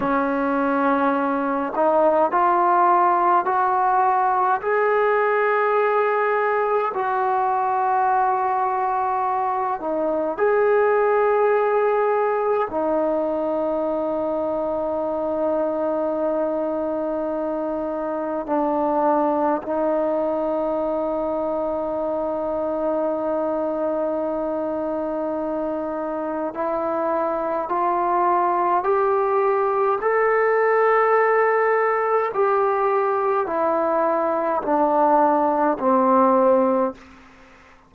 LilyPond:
\new Staff \with { instrumentName = "trombone" } { \time 4/4 \tempo 4 = 52 cis'4. dis'8 f'4 fis'4 | gis'2 fis'2~ | fis'8 dis'8 gis'2 dis'4~ | dis'1 |
d'4 dis'2.~ | dis'2. e'4 | f'4 g'4 a'2 | g'4 e'4 d'4 c'4 | }